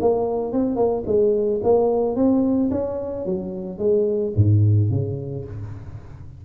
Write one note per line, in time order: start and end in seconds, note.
0.00 0.52 A#3
0.52 0.76 C4
0.76 1.03 A#3
1.06 1.60 G#3
1.63 2.15 A#3
2.15 2.70 C4
2.70 3.25 C#4
3.25 3.78 F#3
3.78 4.33 G#3
4.35 4.90 G#2
4.90 5.45 C#3